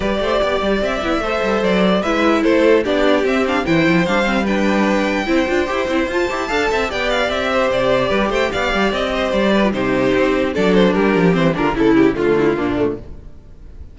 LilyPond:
<<
  \new Staff \with { instrumentName = "violin" } { \time 4/4 \tempo 4 = 148 d''2 e''2 | d''4 e''4 c''4 d''4 | e''8 f''8 g''4 f''4 g''4~ | g''2. a''4~ |
a''4 g''8 f''8 e''4 d''4~ | d''8 g''8 f''4 dis''4 d''4 | c''2 d''8 c''8 ais'4 | c''8 ais'8 a'8 g'8 f'2 | }
  \new Staff \with { instrumentName = "violin" } { \time 4/4 b'8 c''8 d''2 c''4~ | c''4 b'4 a'4 g'4~ | g'4 c''2 b'4~ | b'4 c''2. |
f''8 e''8 d''4. c''4. | b'8 c''8 d''4. c''4 b'8 | g'2 a'4 g'4~ | g'8 f'8 e'4 f'8 e'8 d'4 | }
  \new Staff \with { instrumentName = "viola" } { \time 4/4 g'2~ g'8 e'8 a'4~ | a'4 e'2 d'4 | c'8 d'8 e'4 d'8 c'8 d'4~ | d'4 e'8 f'8 g'8 e'8 f'8 g'8 |
a'4 g'2.~ | g'2.~ g'8. f'16 | dis'2 d'2 | c'8 d'8 e'4 a4 ais8 a8 | }
  \new Staff \with { instrumentName = "cello" } { \time 4/4 g8 a8 b8 g8 c'8 b8 a8 g8 | fis4 gis4 a4 b4 | c'4 e8 f8 g2~ | g4 c'8 d'8 e'8 c'8 f'8 e'8 |
d'8 c'8 b4 c'4 c4 | g8 a8 b8 g8 c'4 g4 | c4 c'4 fis4 g8 f8 | e8 d8 cis4 d4 ais,4 | }
>>